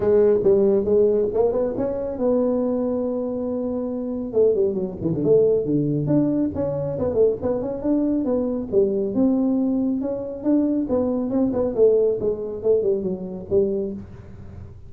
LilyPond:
\new Staff \with { instrumentName = "tuba" } { \time 4/4 \tempo 4 = 138 gis4 g4 gis4 ais8 b8 | cis'4 b2.~ | b2 a8 g8 fis8 e16 d16 | a4 d4 d'4 cis'4 |
b8 a8 b8 cis'8 d'4 b4 | g4 c'2 cis'4 | d'4 b4 c'8 b8 a4 | gis4 a8 g8 fis4 g4 | }